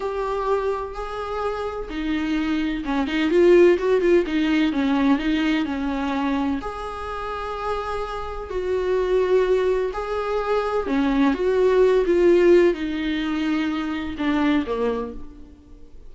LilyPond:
\new Staff \with { instrumentName = "viola" } { \time 4/4 \tempo 4 = 127 g'2 gis'2 | dis'2 cis'8 dis'8 f'4 | fis'8 f'8 dis'4 cis'4 dis'4 | cis'2 gis'2~ |
gis'2 fis'2~ | fis'4 gis'2 cis'4 | fis'4. f'4. dis'4~ | dis'2 d'4 ais4 | }